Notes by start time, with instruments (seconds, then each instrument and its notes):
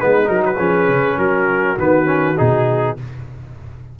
0.00 tuba G#3, trombone B3, horn D#4, trumpet B4
0.25 tuba F#3, trombone D#4, horn F#4, trumpet A#4
0.46 trumpet B4
0.58 tuba F3, trombone C#4, horn G#4
0.89 tuba C#3
1.18 tuba F#3, horn F#4, trumpet A#4
1.78 tuba D#3, trombone B3, trumpet B4
2.05 trombone C#4
2.37 tuba B2, trombone D#4, trumpet G#4